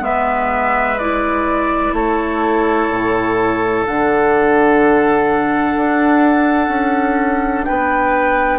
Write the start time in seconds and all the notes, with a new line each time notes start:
0.00 G#3 B3 B4 E5
0.99 E4 D5
1.93 A3 A4 C#5
2.90 A2
3.86 D3 D4 F#5
5.76 D4
6.68 C#4
7.65 B3 B4 G5